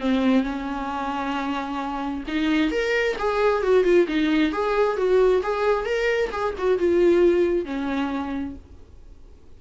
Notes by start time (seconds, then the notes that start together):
0.00 C4
0.43 C#4
2.28 D#4
2.71 A#4
3.18 G#4
3.63 F#4
3.84 F4
4.08 D#4
4.53 G#4
4.97 F#4
5.43 G#4
5.85 A#4
6.32 G#4
6.58 F#4
6.79 F4
7.65 C#4